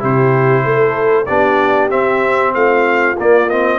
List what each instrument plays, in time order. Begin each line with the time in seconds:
0.00 tuba C3, trombone E4, horn G4, trumpet C5
0.64 tuba A3, horn A4
1.26 tuba B3, trombone D4, horn G4, trumpet D5
1.90 trombone C4, tuba C4, trumpet E5
2.54 tuba A3, horn F4, trumpet F5
3.18 trombone A#3, tuba A#3, trumpet D5
3.50 trombone C4, trumpet D#5